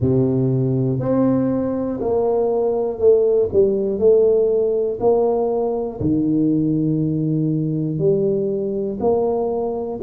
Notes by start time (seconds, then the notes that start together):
0.00 C3
1.00 C4
2.00 A#3
2.99 A3
3.52 G3
3.98 A3
5.00 A#3
6.00 D#3
7.98 G3
9.00 A#3